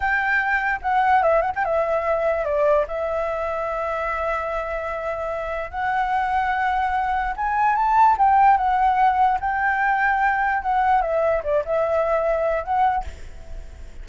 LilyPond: \new Staff \with { instrumentName = "flute" } { \time 4/4 \tempo 4 = 147 g''2 fis''4 e''8 fis''16 g''16 | e''2 d''4 e''4~ | e''1~ | e''2 fis''2~ |
fis''2 gis''4 a''4 | g''4 fis''2 g''4~ | g''2 fis''4 e''4 | d''8 e''2~ e''8 fis''4 | }